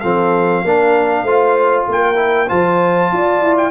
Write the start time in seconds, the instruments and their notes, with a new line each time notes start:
0.00 tuba F3, trombone C4, horn A4, trumpet F5
0.64 tuba A#3, trombone D4, horn A#4
1.23 tuba A3, trombone F4, horn C5
1.88 tuba A#3, horn A#4, trumpet G5
2.15 trombone E4
2.48 tuba F3, trombone F4, horn C5, trumpet A5
3.12 tuba F4, horn D5
3.41 tuba E4
3.57 trumpet G5